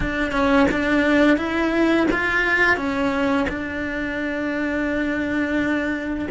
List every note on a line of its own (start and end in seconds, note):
0.00 0.31 D4
0.31 0.66 C#4
0.71 1.37 D4
1.37 2.06 E4
2.11 2.77 F4
2.77 3.46 C#4
3.49 6.28 D4